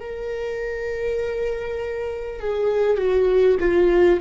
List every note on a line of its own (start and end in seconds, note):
0.00 2.40 A#4
2.41 2.98 G#4
2.98 3.58 F#4
3.60 4.20 F4